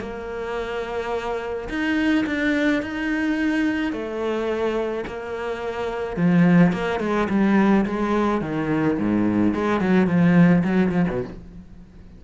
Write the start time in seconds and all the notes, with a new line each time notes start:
0.00 A#3
1.68 D#4
2.26 D4
2.82 D#4
3.92 A3
5.07 A#3
6.16 F3
6.72 A#3
7.00 G#3
7.29 G3
7.85 G#3
8.41 D#3
8.98 G#2
9.54 G#3
9.80 F#3
10.07 F3
10.64 F#3
10.91 F3
11.10 B2